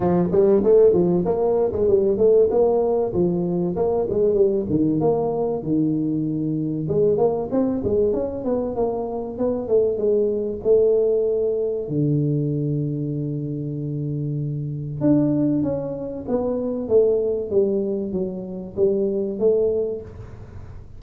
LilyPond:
\new Staff \with { instrumentName = "tuba" } { \time 4/4 \tempo 4 = 96 f8 g8 a8 f8 ais8. gis16 g8 a8 | ais4 f4 ais8 gis8 g8 dis8 | ais4 dis2 gis8 ais8 | c'8 gis8 cis'8 b8 ais4 b8 a8 |
gis4 a2 d4~ | d1 | d'4 cis'4 b4 a4 | g4 fis4 g4 a4 | }